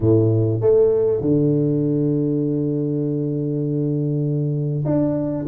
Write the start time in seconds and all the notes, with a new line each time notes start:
0.00 A2
0.60 A3
1.20 D3
4.85 D4